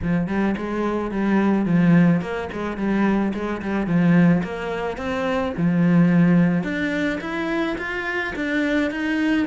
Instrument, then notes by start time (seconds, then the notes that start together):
cello
0.02 F3
0.27 G3
0.57 G#3
1.11 G3
1.65 F3
2.21 A#3
2.52 G#3
2.77 G3
3.34 G#3
3.62 G3
3.86 F3
4.43 A#3
4.97 C4
5.57 F3
6.63 D4
7.20 E4
7.78 F4
8.35 D4
8.90 D#4